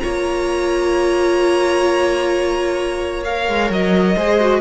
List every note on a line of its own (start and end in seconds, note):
0.00 3.48 A#3
0.00 3.24 F4
0.00 4.16 C#5
0.00 3.23 A#5
3.24 4.17 A#4
3.24 3.70 F5
3.48 3.70 G#3
3.70 4.16 F#3
3.70 4.60 D#5
4.16 4.60 G#3
4.16 4.40 G#4
4.16 4.60 C5
4.40 4.60 F#4